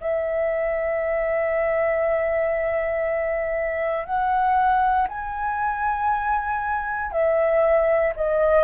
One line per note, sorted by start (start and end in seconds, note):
0.00 4.06 E5
4.06 5.08 F#5
5.08 7.11 G#5
7.11 8.13 E5
8.16 8.64 D#5